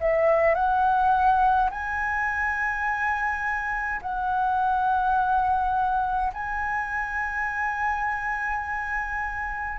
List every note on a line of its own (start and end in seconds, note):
0.00 0.54 E5
0.54 1.69 F#5
1.70 4.01 G#5
4.01 6.32 F#5
6.33 9.78 G#5